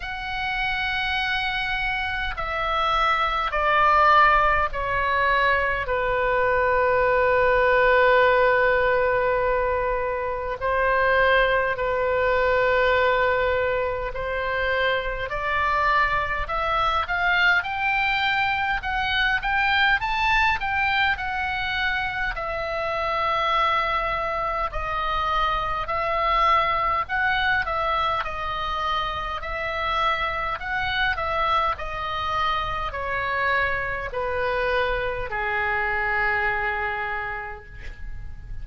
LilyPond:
\new Staff \with { instrumentName = "oboe" } { \time 4/4 \tempo 4 = 51 fis''2 e''4 d''4 | cis''4 b'2.~ | b'4 c''4 b'2 | c''4 d''4 e''8 f''8 g''4 |
fis''8 g''8 a''8 g''8 fis''4 e''4~ | e''4 dis''4 e''4 fis''8 e''8 | dis''4 e''4 fis''8 e''8 dis''4 | cis''4 b'4 gis'2 | }